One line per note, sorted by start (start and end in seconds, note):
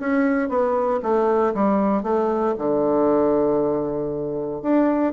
0.00 0.49 C#4
0.49 1.00 B3
1.03 1.54 A3
1.55 2.03 G3
2.03 2.55 A3
2.59 4.62 D3
4.62 5.13 D4